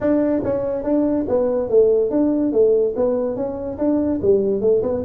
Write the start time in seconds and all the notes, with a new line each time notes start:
0.01 D4
0.44 C#4
0.83 D4
1.28 B3
1.69 A3
2.10 D4
2.52 A3
2.96 B3
3.35 C#4
3.78 D4
4.22 G3
4.60 A3
4.82 B3